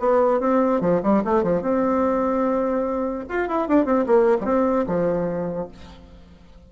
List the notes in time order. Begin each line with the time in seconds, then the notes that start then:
0.00 B3
0.41 C4
0.81 F3
1.03 G3
1.25 A3
1.44 F3
1.62 C4
3.29 F4
3.49 E4
3.68 D4
3.86 C4
4.07 A#3
4.41 G3 C4
4.87 F3